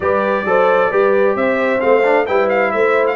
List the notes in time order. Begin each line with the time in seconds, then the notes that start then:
0.00 G3 G4 B4 D5
0.45 F#3 A4 C5
0.90 G3 G4 B4
1.35 C4 C5 E5
1.80 A3 C4 F5
2.03 D4
2.26 G3 E4 B4 G5
2.49 F5
2.71 A3 C5 E5
3.06 F5